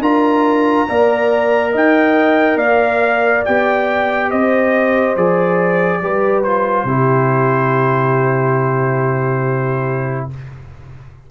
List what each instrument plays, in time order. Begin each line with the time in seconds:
0.00 tuba D4, trombone F4, horn A#4, trumpet A#5
0.89 tuba A#3, trombone A#4, horn D5
1.72 tuba D#4, horn D#5, trumpet G5
2.56 tuba A#3, horn D5, trumpet F5
3.45 tuba B3, trombone G4, trumpet G5
4.30 tuba C4, horn C5, trumpet D#5
5.16 tuba F3, trombone G#4, trumpet D5
6.02 tuba G3, trombone G4, horn B4
6.43 trombone F4, trumpet C5
6.84 tuba C3, trombone E4, horn G4